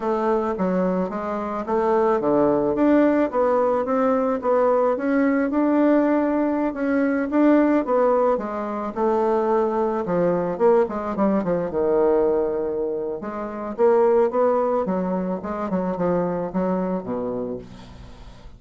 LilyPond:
\new Staff \with { instrumentName = "bassoon" } { \time 4/4 \tempo 4 = 109 a4 fis4 gis4 a4 | d4 d'4 b4 c'4 | b4 cis'4 d'2~ | d'16 cis'4 d'4 b4 gis8.~ |
gis16 a2 f4 ais8 gis16~ | gis16 g8 f8 dis2~ dis8. | gis4 ais4 b4 fis4 | gis8 fis8 f4 fis4 b,4 | }